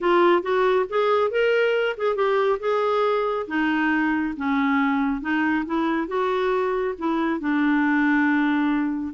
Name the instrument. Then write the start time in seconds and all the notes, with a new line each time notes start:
clarinet
0.00 F4
0.42 F#4
0.89 G#4
1.30 A#4
1.97 G#4
2.15 G4
2.59 G#4
3.47 D#4
4.36 C#4
5.21 D#4
5.65 E4
6.07 F#4
6.98 E4
7.40 D4